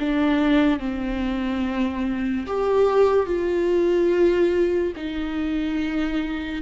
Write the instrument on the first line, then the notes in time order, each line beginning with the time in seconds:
viola
0.00 D4
0.80 C4
2.47 G4
3.27 F4
4.97 D#4